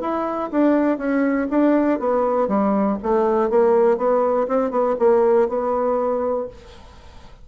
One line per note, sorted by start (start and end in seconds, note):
0.00 0.50 E4
0.51 0.97 D4
0.97 1.47 C#4
1.50 1.99 D4
1.99 2.47 B3
2.47 2.97 G3
3.02 3.50 A3
3.50 3.97 A#3
3.97 4.47 B3
4.47 4.70 C4
4.70 4.95 B3
4.98 5.48 A#3
5.48 6.47 B3